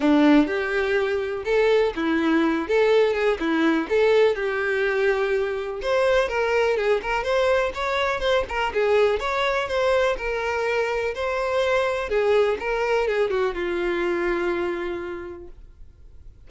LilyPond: \new Staff \with { instrumentName = "violin" } { \time 4/4 \tempo 4 = 124 d'4 g'2 a'4 | e'4. a'4 gis'8 e'4 | a'4 g'2. | c''4 ais'4 gis'8 ais'8 c''4 |
cis''4 c''8 ais'8 gis'4 cis''4 | c''4 ais'2 c''4~ | c''4 gis'4 ais'4 gis'8 fis'8 | f'1 | }